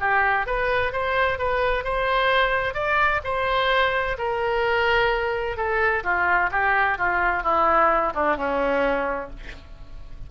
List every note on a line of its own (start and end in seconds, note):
0.00 0.46 G4
0.46 0.93 B4
0.93 1.38 C5
1.38 1.84 B4
1.84 2.74 C5
2.74 3.21 D5
3.24 4.17 C5
4.18 5.57 A#4
5.57 6.03 A4
6.04 6.50 F4
6.52 6.98 G4
6.98 7.44 F4
7.44 8.13 E4
8.15 8.37 D4
8.37 9.30 C#4